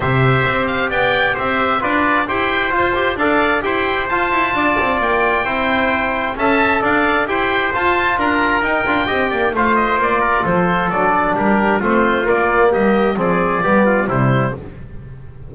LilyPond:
<<
  \new Staff \with { instrumentName = "oboe" } { \time 4/4 \tempo 4 = 132 e''4. f''8 g''4 e''4 | d''4 g''4 c''4 f''4 | g''4 a''2 g''4~ | g''2 a''4 f''4 |
g''4 a''4 ais''4 g''4~ | g''4 f''8 dis''8 d''4 c''4 | d''4 ais'4 c''4 d''4 | dis''4 d''2 c''4 | }
  \new Staff \with { instrumentName = "trumpet" } { \time 4/4 c''2 d''4 c''4 | b'4 c''2 d''4 | c''2 d''2 | c''2 e''4 d''4 |
c''2 ais'2 | dis''8 d''8 c''4. ais'8 a'4~ | a'4 g'4 f'2 | g'4 gis'4 g'8 f'8 e'4 | }
  \new Staff \with { instrumentName = "trombone" } { \time 4/4 g'1 | f'4 g'4 f'8 g'8 a'4 | g'4 f'2. | e'2 a'2 |
g'4 f'2 dis'8 f'8 | g'4 f'2. | d'2 c'4 ais4~ | ais4 c'4 b4 g4 | }
  \new Staff \with { instrumentName = "double bass" } { \time 4/4 c4 c'4 b4 c'4 | d'4 e'4 f'4 d'4 | e'4 f'8 e'8 d'8 c'8 ais4 | c'2 cis'4 d'4 |
e'4 f'4 d'4 dis'8 d'8 | c'8 ais8 a4 ais4 f4 | fis4 g4 a4 ais4 | g4 f4 g4 c4 | }
>>